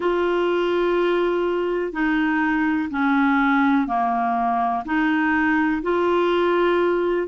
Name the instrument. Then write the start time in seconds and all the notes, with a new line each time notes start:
clarinet
0.00 F4
1.92 D#4
2.90 C#4
3.87 A#3
4.85 D#4
5.82 F4